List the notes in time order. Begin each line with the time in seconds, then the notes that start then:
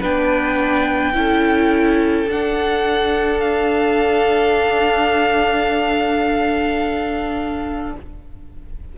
0.00 B3 D4 B4 G5
1.14 C#4 E4 A4
2.27 D4 F#5
3.40 F5